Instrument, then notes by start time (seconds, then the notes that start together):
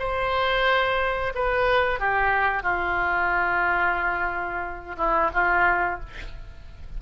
oboe
0.00 C5
1.35 B4
2.00 G4
2.63 F4
4.98 E4
5.34 F4